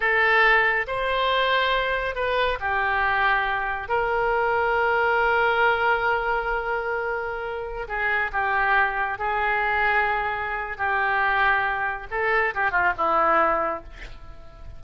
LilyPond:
\new Staff \with { instrumentName = "oboe" } { \time 4/4 \tempo 4 = 139 a'2 c''2~ | c''4 b'4 g'2~ | g'4 ais'2.~ | ais'1~ |
ais'2~ ais'16 gis'4 g'8.~ | g'4~ g'16 gis'2~ gis'8.~ | gis'4 g'2. | a'4 g'8 f'8 e'2 | }